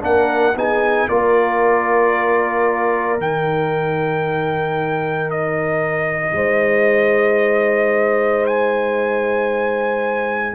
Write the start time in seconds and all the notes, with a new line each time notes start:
0.00 A#3 D4 A#4 F#5
0.55 B3 D#4 G#4 G#5
1.08 A#3 F4 A#4 D5
3.18 D#3 D#4 G5
5.30 D#5
6.33 G#3 C5
8.46 G#5